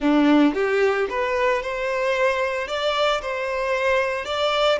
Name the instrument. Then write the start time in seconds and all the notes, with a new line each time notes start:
violin
0.00 D4
0.54 G4
1.09 B4
1.62 C5
2.67 D5
3.21 C5
4.25 D5